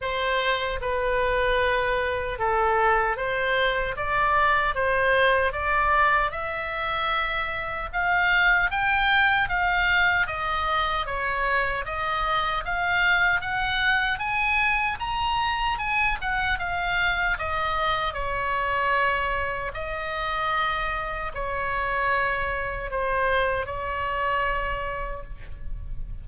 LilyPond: \new Staff \with { instrumentName = "oboe" } { \time 4/4 \tempo 4 = 76 c''4 b'2 a'4 | c''4 d''4 c''4 d''4 | e''2 f''4 g''4 | f''4 dis''4 cis''4 dis''4 |
f''4 fis''4 gis''4 ais''4 | gis''8 fis''8 f''4 dis''4 cis''4~ | cis''4 dis''2 cis''4~ | cis''4 c''4 cis''2 | }